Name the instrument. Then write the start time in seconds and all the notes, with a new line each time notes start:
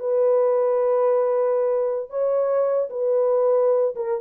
horn
0.00 B4
2.10 C#5
2.90 B4
3.95 A#4